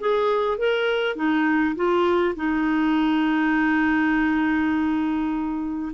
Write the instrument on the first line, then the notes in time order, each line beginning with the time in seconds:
clarinet
0.00 G#4
0.58 A#4
1.16 D#4
1.76 F4
2.36 D#4